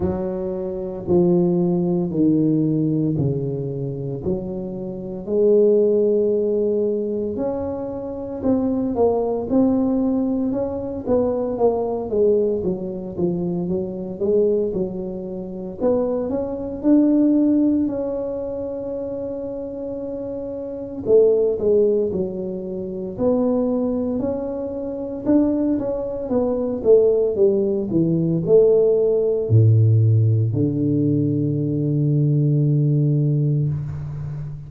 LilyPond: \new Staff \with { instrumentName = "tuba" } { \time 4/4 \tempo 4 = 57 fis4 f4 dis4 cis4 | fis4 gis2 cis'4 | c'8 ais8 c'4 cis'8 b8 ais8 gis8 | fis8 f8 fis8 gis8 fis4 b8 cis'8 |
d'4 cis'2. | a8 gis8 fis4 b4 cis'4 | d'8 cis'8 b8 a8 g8 e8 a4 | a,4 d2. | }